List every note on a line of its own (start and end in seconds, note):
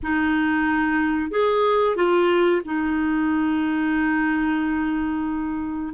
0.02 1.30 D#4
1.30 1.96 G#4
1.96 2.62 F4
2.64 5.93 D#4